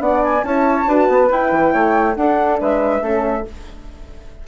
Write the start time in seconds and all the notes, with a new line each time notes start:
0.00 B3 D4 D5 F#5
0.24 G#5
0.43 C#4 E4 C#5 A5
0.87 D4 F#4 B4
1.08 B3
1.29 E4 G5
1.52 E3
1.73 A3 C#5
2.16 D4 A4 F#5
2.61 G#3 B4 E5
3.01 A3 C#4 A4